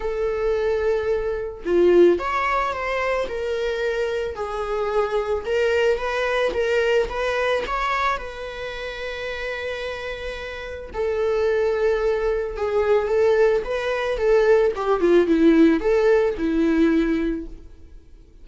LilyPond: \new Staff \with { instrumentName = "viola" } { \time 4/4 \tempo 4 = 110 a'2. f'4 | cis''4 c''4 ais'2 | gis'2 ais'4 b'4 | ais'4 b'4 cis''4 b'4~ |
b'1 | a'2. gis'4 | a'4 b'4 a'4 g'8 f'8 | e'4 a'4 e'2 | }